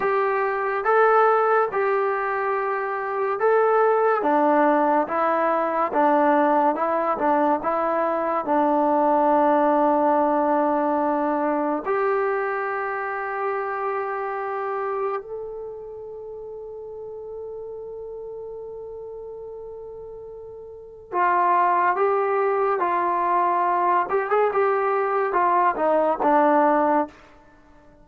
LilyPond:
\new Staff \with { instrumentName = "trombone" } { \time 4/4 \tempo 4 = 71 g'4 a'4 g'2 | a'4 d'4 e'4 d'4 | e'8 d'8 e'4 d'2~ | d'2 g'2~ |
g'2 a'2~ | a'1~ | a'4 f'4 g'4 f'4~ | f'8 g'16 gis'16 g'4 f'8 dis'8 d'4 | }